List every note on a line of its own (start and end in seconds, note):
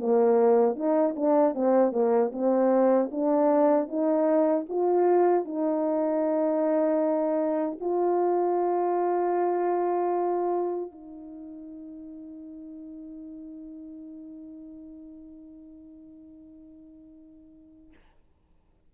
0.00 0.76 A#3
0.76 1.15 D#4
1.16 1.54 D4
1.54 1.92 C4
1.92 2.31 A#3
2.33 3.11 C4
3.12 3.88 D4
3.88 4.66 D#4
4.69 5.45 F4
5.45 7.79 D#4
7.81 10.92 F4
10.92 17.93 D#4